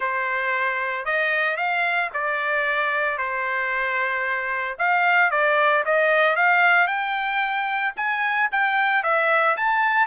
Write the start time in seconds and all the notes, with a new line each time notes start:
0.00 C5
1.05 D#5
1.56 F5
2.13 D5
3.17 C5
4.78 F5
5.30 D5
5.85 D#5
6.36 F5
6.87 G5
7.96 G#5
8.51 G5
9.03 E5
9.56 A5